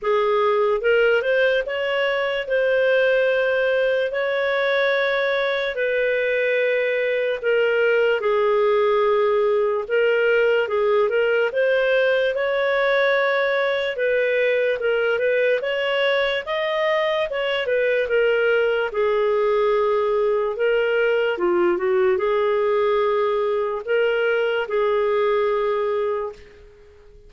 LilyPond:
\new Staff \with { instrumentName = "clarinet" } { \time 4/4 \tempo 4 = 73 gis'4 ais'8 c''8 cis''4 c''4~ | c''4 cis''2 b'4~ | b'4 ais'4 gis'2 | ais'4 gis'8 ais'8 c''4 cis''4~ |
cis''4 b'4 ais'8 b'8 cis''4 | dis''4 cis''8 b'8 ais'4 gis'4~ | gis'4 ais'4 f'8 fis'8 gis'4~ | gis'4 ais'4 gis'2 | }